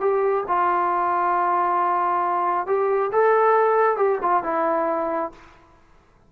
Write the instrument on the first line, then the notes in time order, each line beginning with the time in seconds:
trombone
0.00 G4
0.47 F4
2.66 G4
3.12 A4
3.96 G4
4.22 F4
4.43 E4